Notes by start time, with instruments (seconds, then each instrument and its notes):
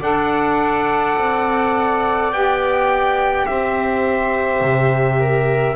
0.00 double bass D4, saxophone A4, viola D5, trumpet F#5
1.18 double bass C4
2.32 double bass B3, saxophone G4, trumpet G5
3.47 double bass C4, viola C5, trumpet E5
4.62 double bass C3
5.20 viola A#4